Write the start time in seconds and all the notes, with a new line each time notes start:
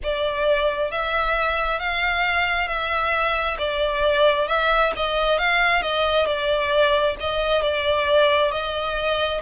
0.03 D5
0.91 E5
1.79 F5
2.67 E5
3.58 D5
4.47 E5
4.96 D#5
5.38 F5
5.82 D#5
6.26 D5
7.19 D#5
7.62 D5
8.51 D#5